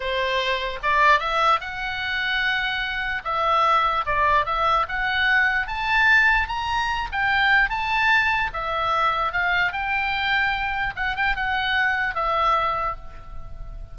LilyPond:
\new Staff \with { instrumentName = "oboe" } { \time 4/4 \tempo 4 = 148 c''2 d''4 e''4 | fis''1 | e''2 d''4 e''4 | fis''2 a''2 |
ais''4. g''4. a''4~ | a''4 e''2 f''4 | g''2. fis''8 g''8 | fis''2 e''2 | }